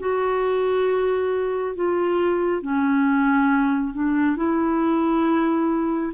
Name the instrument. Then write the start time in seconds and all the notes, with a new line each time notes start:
clarinet
0.00 F#4
1.76 F4
2.63 C#4
3.94 D4
4.37 E4